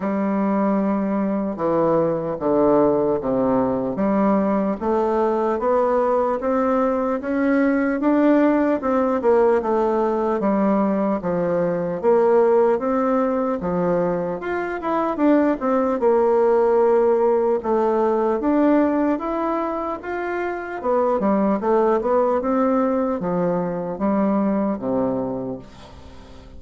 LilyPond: \new Staff \with { instrumentName = "bassoon" } { \time 4/4 \tempo 4 = 75 g2 e4 d4 | c4 g4 a4 b4 | c'4 cis'4 d'4 c'8 ais8 | a4 g4 f4 ais4 |
c'4 f4 f'8 e'8 d'8 c'8 | ais2 a4 d'4 | e'4 f'4 b8 g8 a8 b8 | c'4 f4 g4 c4 | }